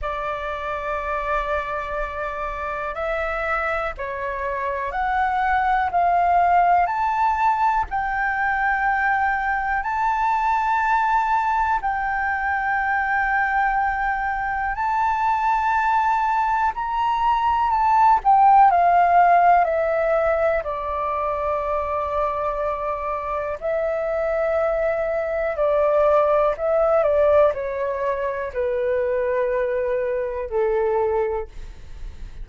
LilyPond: \new Staff \with { instrumentName = "flute" } { \time 4/4 \tempo 4 = 61 d''2. e''4 | cis''4 fis''4 f''4 a''4 | g''2 a''2 | g''2. a''4~ |
a''4 ais''4 a''8 g''8 f''4 | e''4 d''2. | e''2 d''4 e''8 d''8 | cis''4 b'2 a'4 | }